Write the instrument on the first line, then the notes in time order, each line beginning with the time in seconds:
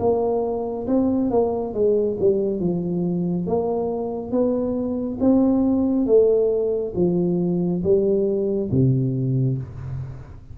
tuba
0.00 A#3
0.87 C4
1.31 A#3
1.74 G#3
2.21 G3
2.60 F3
3.47 A#3
4.32 B3
5.21 C4
6.07 A3
6.96 F3
7.84 G3
8.72 C3